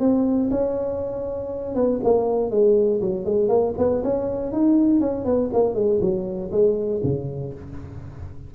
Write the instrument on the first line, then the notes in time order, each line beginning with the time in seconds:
tuba
0.00 C4
0.51 C#4
1.75 B3
2.03 A#3
2.51 G#3
3.01 F#3
3.25 G#3
3.49 A#3
3.78 B3
4.04 C#4
4.52 D#4
5.00 C#4
5.25 B3
5.53 A#3
5.75 G#3
6.01 F#3
6.52 G#3
7.03 C#3